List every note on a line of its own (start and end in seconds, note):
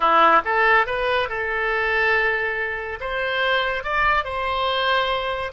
0.00 0.41 E4
0.44 0.86 A4
0.86 1.28 B4
1.28 2.99 A4
3.00 3.83 C5
3.83 4.24 D5
4.24 5.52 C5